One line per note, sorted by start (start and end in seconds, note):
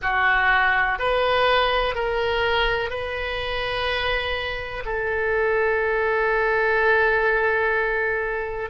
0.02 0.99 F#4
0.99 1.94 B4
1.94 2.89 A#4
2.89 4.83 B4
4.85 8.70 A4